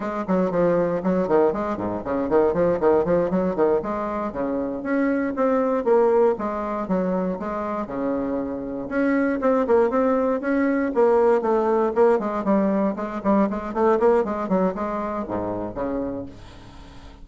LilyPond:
\new Staff \with { instrumentName = "bassoon" } { \time 4/4 \tempo 4 = 118 gis8 fis8 f4 fis8 dis8 gis8 gis,8 | cis8 dis8 f8 dis8 f8 fis8 dis8 gis8~ | gis8 cis4 cis'4 c'4 ais8~ | ais8 gis4 fis4 gis4 cis8~ |
cis4. cis'4 c'8 ais8 c'8~ | c'8 cis'4 ais4 a4 ais8 | gis8 g4 gis8 g8 gis8 a8 ais8 | gis8 fis8 gis4 gis,4 cis4 | }